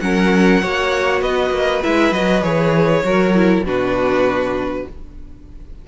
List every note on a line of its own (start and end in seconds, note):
0.00 0.62 F#3
0.00 0.62 C#4
0.00 0.62 A#4
0.00 1.21 F#5
0.62 1.21 A#3
0.62 1.82 F#4
0.62 1.22 C#5
1.21 1.50 B3
1.21 3.04 B4
1.21 1.82 D#5
1.50 1.81 A#3
1.82 2.12 G#3
1.82 2.13 E4
1.82 2.13 E5
2.12 2.42 F#3
2.12 2.42 F#4
2.12 2.43 D#5
2.42 3.03 E3
2.42 3.03 G#4
2.42 3.64 C#5
3.03 3.62 F#3
3.03 3.34 F#4
3.03 3.65 A#4
3.34 3.65 E4
3.62 4.83 B2
3.62 4.87 D4
3.62 4.87 F#4
3.62 4.88 B4